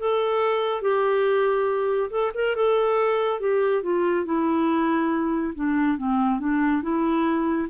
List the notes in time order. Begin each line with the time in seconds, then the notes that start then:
0.00 A4
0.82 G4
2.11 A4
2.35 A#4
2.56 A4
3.41 G4
3.83 F4
4.25 E4
5.55 D4
5.98 C4
6.40 D4
6.83 E4